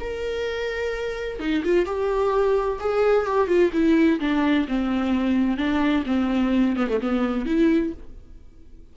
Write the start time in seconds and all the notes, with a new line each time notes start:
0.00 A#4
1.40 D#4
1.64 F4
1.85 G4
2.80 G#4
3.26 G4
3.47 F4
3.72 E4
4.20 D4
4.68 C4
5.57 D4
6.06 C4
6.76 B3
6.89 A3
7.01 B3
7.46 E4